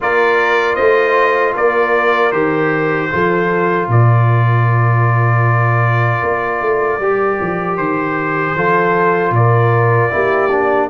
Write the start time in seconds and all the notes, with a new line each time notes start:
0.00 A#3 F4 A#4 D5
0.75 A3 C5 D#5
1.54 A#3 A#4 D5
2.31 D#3 G4 C5
3.10 F3 F4 A4
3.88 A#2 A#4 D5
6.22 A#3
6.61 A3
6.98 G3 G4
7.40 F3
7.77 D#3 C5
8.55 F3 F4 A4
9.31 A#2 A#4 D5
10.10 A#3 E4 G4
10.51 D4